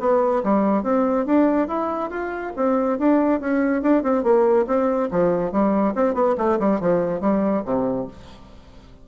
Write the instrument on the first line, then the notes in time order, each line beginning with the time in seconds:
bassoon
0.00 B3
0.44 G3
0.83 C4
1.26 D4
1.68 E4
2.10 F4
2.56 C4
2.99 D4
3.40 C#4
3.82 D4
4.03 C4
4.23 A#3
4.67 C4
5.11 F3
5.52 G3
5.95 C4
6.14 B3
6.38 A3
6.60 G3
6.80 F3
7.21 G3
7.65 C3